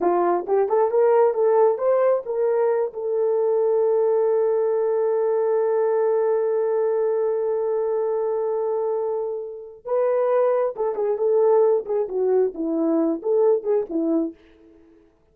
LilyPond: \new Staff \with { instrumentName = "horn" } { \time 4/4 \tempo 4 = 134 f'4 g'8 a'8 ais'4 a'4 | c''4 ais'4. a'4.~ | a'1~ | a'1~ |
a'1~ | a'2 b'2 | a'8 gis'8 a'4. gis'8 fis'4 | e'4. a'4 gis'8 e'4 | }